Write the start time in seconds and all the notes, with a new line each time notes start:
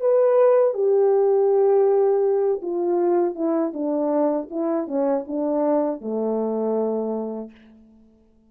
0.00 B4
0.74 G4
2.62 F4
3.35 E4
3.73 D4
4.50 E4
4.88 C#4
5.27 D4
6.01 A3